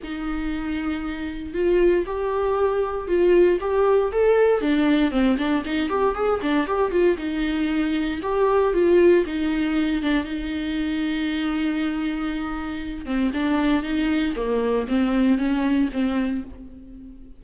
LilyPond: \new Staff \with { instrumentName = "viola" } { \time 4/4 \tempo 4 = 117 dis'2. f'4 | g'2 f'4 g'4 | a'4 d'4 c'8 d'8 dis'8 g'8 | gis'8 d'8 g'8 f'8 dis'2 |
g'4 f'4 dis'4. d'8 | dis'1~ | dis'4. c'8 d'4 dis'4 | ais4 c'4 cis'4 c'4 | }